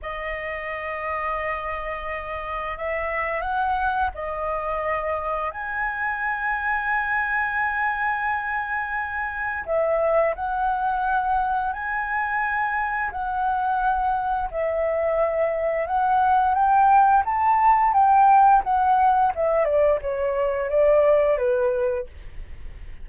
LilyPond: \new Staff \with { instrumentName = "flute" } { \time 4/4 \tempo 4 = 87 dis''1 | e''4 fis''4 dis''2 | gis''1~ | gis''2 e''4 fis''4~ |
fis''4 gis''2 fis''4~ | fis''4 e''2 fis''4 | g''4 a''4 g''4 fis''4 | e''8 d''8 cis''4 d''4 b'4 | }